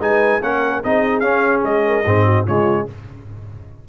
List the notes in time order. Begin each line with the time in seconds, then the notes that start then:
0.00 G#3 D#4 B4 G#5
0.41 A#3 C#4 A#4 F#5
0.83 C4 D#4 G#4 D#5
1.20 C#4 F5
1.64 G#3 D#5
1.87 A#4
2.04 G#2 C4 G#4
2.24 F#4
2.45 C#3 G#3 F4 C#5